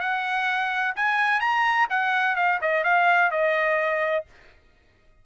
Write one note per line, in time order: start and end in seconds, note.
0.00 0.94 F#5
0.96 1.40 G#5
1.40 1.87 A#5
1.90 2.36 F#5
2.36 2.59 F5
2.61 2.84 D#5
2.84 3.31 F5
3.31 4.25 D#5